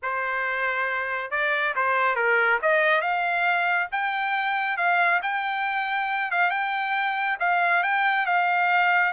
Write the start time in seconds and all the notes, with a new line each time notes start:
0.02 C5
1.30 D5
1.75 C5
2.15 A#4
2.61 D#5
3.01 F5
3.91 G5
4.77 F5
5.22 G5
6.31 F5
6.50 G5
7.39 F5
7.83 G5
8.26 F5